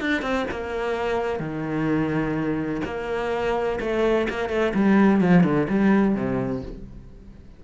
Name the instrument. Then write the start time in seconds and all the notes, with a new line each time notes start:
cello
0.00 D4
0.21 C4
0.50 A#3
1.39 D#3
2.84 A#3
3.80 A3
4.29 A#3
4.49 A3
4.74 G3
5.21 F3
5.43 D3
5.69 G3
6.15 C3